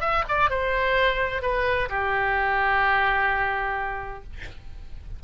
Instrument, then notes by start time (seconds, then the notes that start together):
oboe
0.00 E5
0.28 D5
0.49 C5
1.42 B4
1.89 G4